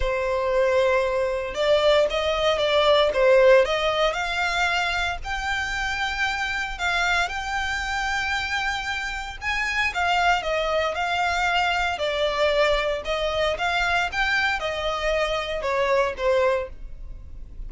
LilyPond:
\new Staff \with { instrumentName = "violin" } { \time 4/4 \tempo 4 = 115 c''2. d''4 | dis''4 d''4 c''4 dis''4 | f''2 g''2~ | g''4 f''4 g''2~ |
g''2 gis''4 f''4 | dis''4 f''2 d''4~ | d''4 dis''4 f''4 g''4 | dis''2 cis''4 c''4 | }